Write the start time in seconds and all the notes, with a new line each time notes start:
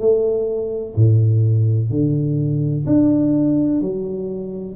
0.00 A3
0.96 A2
1.91 D3
2.87 D4
3.81 F#3